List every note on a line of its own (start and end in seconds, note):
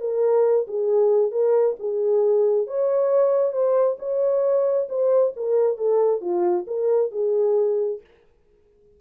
0.00 0.67 A#4
0.67 1.32 G#4
1.32 1.76 A#4
1.80 2.67 G#4
2.67 3.53 C#5
3.53 3.97 C5
3.99 4.88 C#5
4.89 5.33 C5
5.36 5.78 A#4
5.78 6.21 A4
6.21 6.65 F4
6.67 7.11 A#4
7.12 8.00 G#4